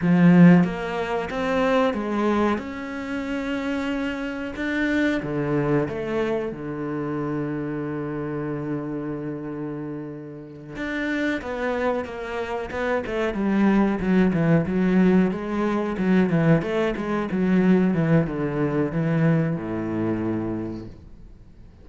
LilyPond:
\new Staff \with { instrumentName = "cello" } { \time 4/4 \tempo 4 = 92 f4 ais4 c'4 gis4 | cis'2. d'4 | d4 a4 d2~ | d1~ |
d8 d'4 b4 ais4 b8 | a8 g4 fis8 e8 fis4 gis8~ | gis8 fis8 e8 a8 gis8 fis4 e8 | d4 e4 a,2 | }